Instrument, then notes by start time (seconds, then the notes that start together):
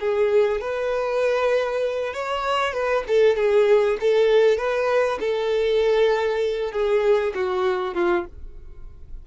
violin
0.00 G#4
0.61 B4
2.13 C#5
2.74 B4
3.08 A4
3.36 G#4
4.00 A4
4.58 B4
5.20 A4
6.72 G#4
7.34 F#4
7.95 F4